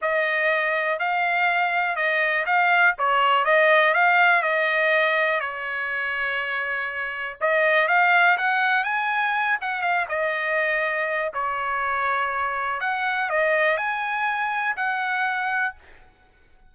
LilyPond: \new Staff \with { instrumentName = "trumpet" } { \time 4/4 \tempo 4 = 122 dis''2 f''2 | dis''4 f''4 cis''4 dis''4 | f''4 dis''2 cis''4~ | cis''2. dis''4 |
f''4 fis''4 gis''4. fis''8 | f''8 dis''2~ dis''8 cis''4~ | cis''2 fis''4 dis''4 | gis''2 fis''2 | }